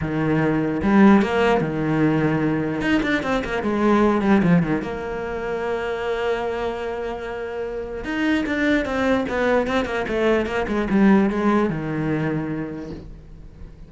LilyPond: \new Staff \with { instrumentName = "cello" } { \time 4/4 \tempo 4 = 149 dis2 g4 ais4 | dis2. dis'8 d'8 | c'8 ais8 gis4. g8 f8 dis8 | ais1~ |
ais1 | dis'4 d'4 c'4 b4 | c'8 ais8 a4 ais8 gis8 g4 | gis4 dis2. | }